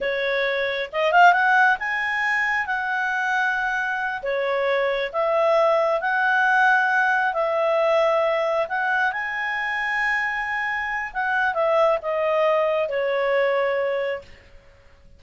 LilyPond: \new Staff \with { instrumentName = "clarinet" } { \time 4/4 \tempo 4 = 135 cis''2 dis''8 f''8 fis''4 | gis''2 fis''2~ | fis''4. cis''2 e''8~ | e''4. fis''2~ fis''8~ |
fis''8 e''2. fis''8~ | fis''8 gis''2.~ gis''8~ | gis''4 fis''4 e''4 dis''4~ | dis''4 cis''2. | }